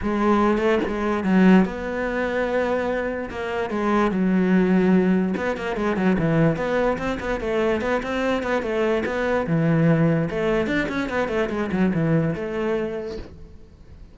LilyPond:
\new Staff \with { instrumentName = "cello" } { \time 4/4 \tempo 4 = 146 gis4. a8 gis4 fis4 | b1 | ais4 gis4 fis2~ | fis4 b8 ais8 gis8 fis8 e4 |
b4 c'8 b8 a4 b8 c'8~ | c'8 b8 a4 b4 e4~ | e4 a4 d'8 cis'8 b8 a8 | gis8 fis8 e4 a2 | }